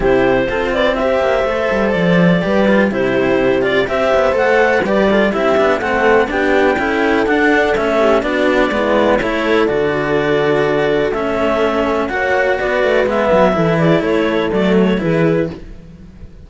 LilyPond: <<
  \new Staff \with { instrumentName = "clarinet" } { \time 4/4 \tempo 4 = 124 c''4. d''8 e''2 | d''2 c''4. d''8 | e''4 fis''4 d''4 e''4 | fis''4 g''2 fis''4 |
e''4 d''2 cis''4 | d''2. e''4~ | e''4 fis''4 d''4 e''4~ | e''8 d''8 cis''4 d''8 cis''8 b'4 | }
  \new Staff \with { instrumentName = "horn" } { \time 4/4 g'4 a'8 b'8 c''2~ | c''4 b'4 g'2 | c''2 b'8 a'8 g'4 | a'4 g'4 a'2~ |
a'8 g'8 fis'4 e'4 a'4~ | a'1~ | a'4 cis''4 b'2 | a'8 gis'8 a'2 gis'4 | }
  \new Staff \with { instrumentName = "cello" } { \time 4/4 e'4 f'4 g'4 a'4~ | a'4 g'8 f'8 e'4. f'8 | g'4 a'4 g'8 f'8 e'8 d'8 | c'4 d'4 e'4 d'4 |
cis'4 d'4 b4 e'4 | fis'2. cis'4~ | cis'4 fis'2 b4 | e'2 a4 e'4 | }
  \new Staff \with { instrumentName = "cello" } { \time 4/4 c4 c'4. ais8 a8 g8 | f4 g4 c2 | c'8 b8 a4 g4 c'8 b8 | a4 b4 cis'4 d'4 |
a4 b4 gis4 a4 | d2. a4~ | a4 ais4 b8 a8 gis8 fis8 | e4 a4 fis4 e4 | }
>>